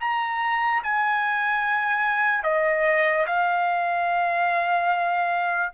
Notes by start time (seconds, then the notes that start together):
0.00 A#5
0.83 G#5
2.43 D#5
3.26 F5